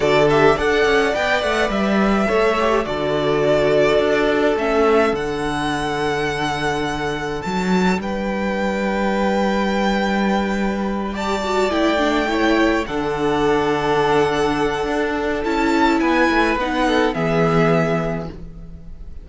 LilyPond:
<<
  \new Staff \with { instrumentName = "violin" } { \time 4/4 \tempo 4 = 105 d''8 e''8 fis''4 g''8 fis''8 e''4~ | e''4 d''2. | e''4 fis''2.~ | fis''4 a''4 g''2~ |
g''2.~ g''8 a''8~ | a''8 g''2 fis''4.~ | fis''2. a''4 | gis''4 fis''4 e''2 | }
  \new Staff \with { instrumentName = "violin" } { \time 4/4 a'4 d''2. | cis''4 a'2.~ | a'1~ | a'2 b'2~ |
b'2.~ b'8 d''8~ | d''4. cis''4 a'4.~ | a'1 | b'4. a'8 gis'2 | }
  \new Staff \with { instrumentName = "viola" } { \time 4/4 fis'8 g'8 a'4 b'2 | a'8 g'8 fis'2. | cis'4 d'2.~ | d'1~ |
d'2.~ d'8 g'8 | fis'8 e'8 d'8 e'4 d'4.~ | d'2. e'4~ | e'4 dis'4 b2 | }
  \new Staff \with { instrumentName = "cello" } { \time 4/4 d4 d'8 cis'8 b8 a8 g4 | a4 d2 d'4 | a4 d2.~ | d4 fis4 g2~ |
g1~ | g8 a2 d4.~ | d2 d'4 cis'4 | b8 a8 b4 e2 | }
>>